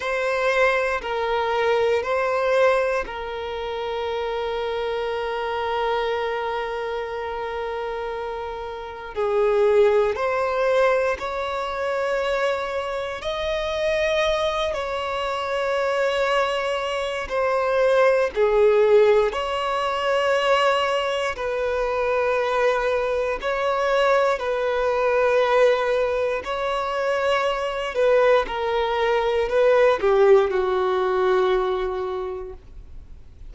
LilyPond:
\new Staff \with { instrumentName = "violin" } { \time 4/4 \tempo 4 = 59 c''4 ais'4 c''4 ais'4~ | ais'1~ | ais'4 gis'4 c''4 cis''4~ | cis''4 dis''4. cis''4.~ |
cis''4 c''4 gis'4 cis''4~ | cis''4 b'2 cis''4 | b'2 cis''4. b'8 | ais'4 b'8 g'8 fis'2 | }